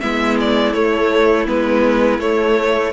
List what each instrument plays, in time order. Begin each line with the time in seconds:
0.00 cello G#3, viola B3, violin E4 E5
0.40 violin D5
0.73 viola A3, cello A3, violin C#5
1.46 cello G#3, viola B3, violin B4
2.18 cello A3, viola A3, violin C#5